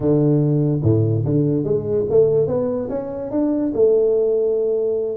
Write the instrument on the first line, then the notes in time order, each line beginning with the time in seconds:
tuba
0.00 D3
0.83 A2
1.24 D3
1.63 G#3
2.09 A3
2.47 B3
2.89 C#4
3.30 D4
3.74 A3